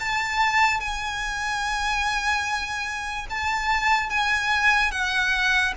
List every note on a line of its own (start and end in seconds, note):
0.00 0.80 A5
0.80 3.27 G#5
3.30 4.10 A5
4.10 4.91 G#5
4.91 5.73 F#5